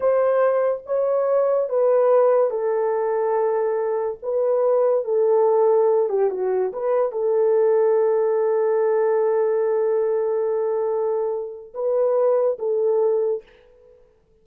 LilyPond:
\new Staff \with { instrumentName = "horn" } { \time 4/4 \tempo 4 = 143 c''2 cis''2 | b'2 a'2~ | a'2 b'2 | a'2~ a'8 g'8 fis'4 |
b'4 a'2.~ | a'1~ | a'1 | b'2 a'2 | }